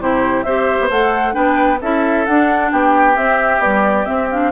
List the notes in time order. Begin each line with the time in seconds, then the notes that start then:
0.00 C3 E4 G4 C5
0.43 C4 G4 C5 E5
0.81 B3
0.90 A3 A4 F#5
1.33 B3 D4 B4 G5
1.81 C#4 E4 A4 E5
2.26 D4 F#5
2.72 B3 G4 G5
3.15 C4 E5
3.59 G3 B3 D5
4.06 C4 E5
4.31 D4 F5